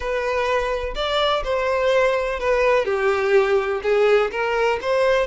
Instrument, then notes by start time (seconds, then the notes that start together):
violin
0.00 B4
0.95 D5
1.44 C5
2.39 B4
2.85 G4
3.82 G#4
4.31 A#4
4.81 C5